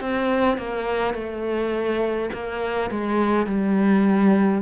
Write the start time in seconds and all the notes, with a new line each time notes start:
0.00 C4
0.57 A#3
1.14 A3
2.33 A#3
2.90 G#3
3.46 G3